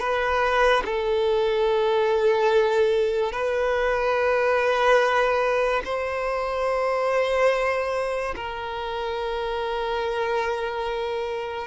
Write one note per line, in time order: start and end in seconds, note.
0.00 0.83 B4
0.85 3.33 A4
3.33 5.83 B4
5.85 8.35 C5
8.36 11.67 A#4